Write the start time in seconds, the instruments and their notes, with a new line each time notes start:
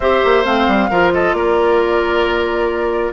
0.00 bassoon C4, clarinet G4, oboe C5, flute E5
0.24 bassoon A#3
0.43 bassoon A3, clarinet C4, flute F5
0.67 bassoon G3
0.90 bassoon F3, clarinet F4, oboe A#4
1.13 oboe A4, flute D#5
1.33 bassoon A#3, oboe A#4, flute D5